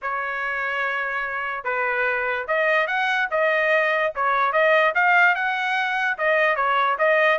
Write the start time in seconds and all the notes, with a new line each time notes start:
0.01 C#5
1.64 B4
2.47 D#5
2.87 F#5
3.31 D#5
4.15 C#5
4.52 D#5
4.94 F5
5.35 F#5
6.18 D#5
6.55 C#5
6.98 D#5